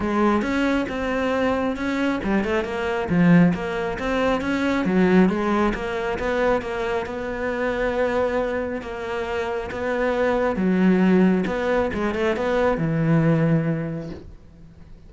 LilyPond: \new Staff \with { instrumentName = "cello" } { \time 4/4 \tempo 4 = 136 gis4 cis'4 c'2 | cis'4 g8 a8 ais4 f4 | ais4 c'4 cis'4 fis4 | gis4 ais4 b4 ais4 |
b1 | ais2 b2 | fis2 b4 gis8 a8 | b4 e2. | }